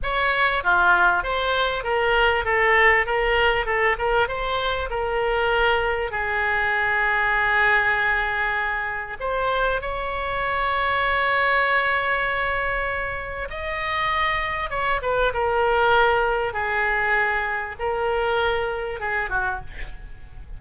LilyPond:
\new Staff \with { instrumentName = "oboe" } { \time 4/4 \tempo 4 = 98 cis''4 f'4 c''4 ais'4 | a'4 ais'4 a'8 ais'8 c''4 | ais'2 gis'2~ | gis'2. c''4 |
cis''1~ | cis''2 dis''2 | cis''8 b'8 ais'2 gis'4~ | gis'4 ais'2 gis'8 fis'8 | }